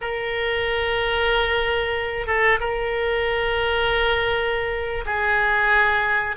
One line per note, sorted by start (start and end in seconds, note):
0.01 2.26 A#4
2.26 2.59 A4
2.60 5.04 A#4
5.05 6.36 G#4